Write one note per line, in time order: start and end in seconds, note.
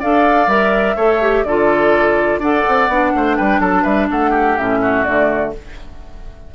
0.00 0.47 D4
0.00 0.48 A4
0.00 0.96 D5
0.00 0.49 F5
0.47 0.95 G3
0.47 0.96 A#4
0.47 1.44 E5
0.96 1.44 A3
0.96 1.22 A4
0.96 1.44 C#5
1.22 1.46 G4
1.44 2.38 D3
1.44 2.42 F4
1.44 2.40 A4
1.44 2.40 D5
2.38 2.62 D4
2.38 2.90 A4
2.38 3.12 D5
2.38 3.36 F#5
2.68 2.88 C4
2.88 3.12 B3
2.88 4.58 D4
3.15 3.39 A3
3.15 3.37 C5
3.36 3.60 G3
3.36 3.60 B4
3.36 3.60 G5
3.60 3.84 F#3
3.60 3.82 A4
3.60 3.84 A5
3.82 4.09 G3
3.82 4.06 B4
3.82 4.08 E5
4.10 4.58 A3
4.10 4.30 A4
4.10 4.58 F#5
4.30 4.78 G4
4.58 5.07 A2
4.58 5.05 C#4
4.58 5.04 E5
4.82 5.54 F#4
5.04 5.54 D3
5.04 5.53 A3
5.04 5.52 D5